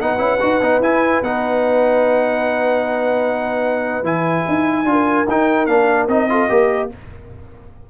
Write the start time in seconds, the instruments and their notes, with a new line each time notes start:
0.00 tuba B3, trombone D#4, horn B4, trumpet F#5
0.18 tuba C#4, trombone E4
0.41 tuba D#4, trombone F#4
0.62 tuba B3, trombone D#4
0.80 tuba E4, trombone E4, trumpet G#5
1.23 tuba B3, trombone D#4, trumpet F#5
4.03 tuba E3, trombone E4, trumpet G#5
4.48 tuba D#4
4.85 tuba D4, trombone F4
4.92 horn A#4
5.27 tuba D#4, trombone D#4, trumpet G5
5.66 tuba A#3, trombone D4, trumpet F5
6.08 tuba C4, trombone D#4, trumpet D#5
6.30 trombone F4, horn A4
6.49 tuba A#3, trombone G4, horn A#4